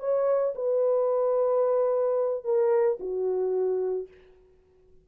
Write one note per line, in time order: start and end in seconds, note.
0.00 0.54 C#5
0.55 2.44 B4
2.44 2.99 A#4
3.00 4.08 F#4